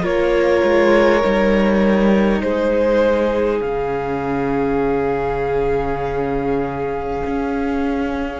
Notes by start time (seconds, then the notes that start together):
0.00 A#3 F4 A#4 C#5
0.63 G#3
1.23 G3 D#4
2.41 G#3 G#4 C5
3.60 C#3 C#4 F5
7.26 C#4